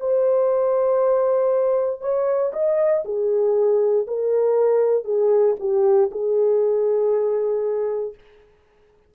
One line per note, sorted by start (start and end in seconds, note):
0.00 2.01 C5
2.01 2.52 C#5
2.53 3.04 D#5
3.05 4.06 G#4
4.07 5.05 A#4
5.05 5.56 G#4
5.60 6.11 G4
6.11 8.14 G#4